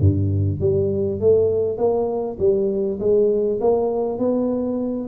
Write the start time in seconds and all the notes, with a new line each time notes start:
0.00 G2
0.60 G3
1.20 A3
1.77 A#3
2.39 G3
2.99 G#3
3.60 A#3
4.19 B3